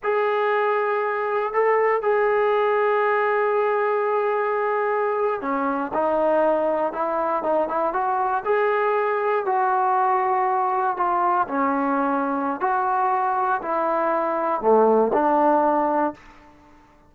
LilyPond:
\new Staff \with { instrumentName = "trombone" } { \time 4/4 \tempo 4 = 119 gis'2. a'4 | gis'1~ | gis'2~ gis'8. cis'4 dis'16~ | dis'4.~ dis'16 e'4 dis'8 e'8 fis'16~ |
fis'8. gis'2 fis'4~ fis'16~ | fis'4.~ fis'16 f'4 cis'4~ cis'16~ | cis'4 fis'2 e'4~ | e'4 a4 d'2 | }